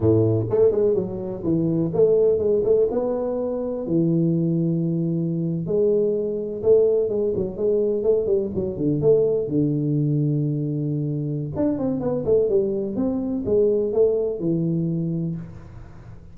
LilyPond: \new Staff \with { instrumentName = "tuba" } { \time 4/4 \tempo 4 = 125 a,4 a8 gis8 fis4 e4 | a4 gis8 a8 b2 | e2.~ e8. gis16~ | gis4.~ gis16 a4 gis8 fis8 gis16~ |
gis8. a8 g8 fis8 d8 a4 d16~ | d1 | d'8 c'8 b8 a8 g4 c'4 | gis4 a4 e2 | }